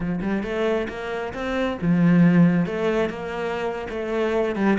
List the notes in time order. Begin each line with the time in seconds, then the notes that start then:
0.00 F3
0.21 G3
0.43 A3
0.88 A#3
1.33 C4
1.81 F3
2.66 A3
3.09 A#3
3.89 A3
4.55 G3